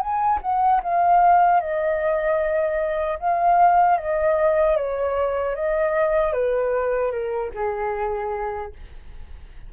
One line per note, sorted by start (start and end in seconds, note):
0.00 0.39 G#5
0.42 0.81 F#5
0.83 1.61 F5
1.61 3.19 D#5
3.19 3.98 F5
3.98 4.77 D#5
4.77 5.55 C#5
5.55 6.33 D#5
6.33 7.12 B4
7.12 7.51 A#4
7.55 8.73 G#4